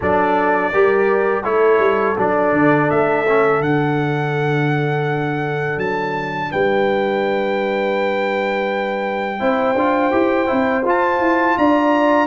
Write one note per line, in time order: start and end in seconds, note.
0.00 0.73 F#3
0.00 0.72 D4
0.00 0.72 A4
0.00 1.44 D5
0.72 1.43 G3
0.72 1.44 G4
0.72 1.44 A#4
1.43 1.79 A3
1.43 2.16 E4
1.43 6.50 A4
1.43 2.16 C#5
1.79 2.15 G3
2.17 2.52 F#3
2.17 3.25 D4
2.17 2.90 D5
2.52 2.89 D3
2.90 3.60 A3
2.90 3.62 E5
3.27 3.62 C#4
3.60 5.77 D3
3.60 9.39 D4
3.60 5.79 F#5
5.77 6.49 F#3
5.77 6.51 A5
6.51 9.40 G3
6.51 9.39 B4
6.51 10.85 G5
9.39 9.74 C4
9.39 9.75 E4
9.39 11.56 C5
9.74 10.10 D4
9.74 10.11 F4
10.11 10.48 E4
10.11 10.46 G4
10.46 10.84 C4
10.46 10.82 E4
10.84 11.19 F4
10.84 12.27 F4
10.84 11.58 A5
11.19 11.55 E4
11.57 12.27 D4
11.57 12.27 D5
11.57 12.27 A#5